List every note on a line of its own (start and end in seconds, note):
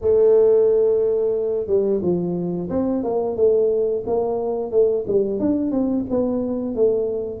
0.01 1.66 A3
1.66 2.00 G3
2.02 2.69 F3
2.69 3.03 C4
3.03 3.36 A#3
3.36 4.04 A3
4.06 4.71 A#3
4.71 5.04 A3
5.07 5.39 G3
5.39 5.71 D4
5.71 6.05 C4
6.09 6.75 B3
6.75 7.40 A3